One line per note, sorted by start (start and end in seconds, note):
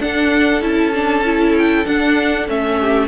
0.00 0.61 D4
0.00 2.79 A4
0.00 0.63 F#5
0.61 1.85 C#4
0.61 0.92 E4
0.61 1.56 A5
0.93 1.24 D4
1.25 1.85 E4
1.58 1.86 G5
1.85 2.47 D4
1.85 2.48 D4
1.85 2.48 F#5
2.48 3.07 A3
2.48 3.07 C#4
2.48 3.07 E5
2.79 3.07 G4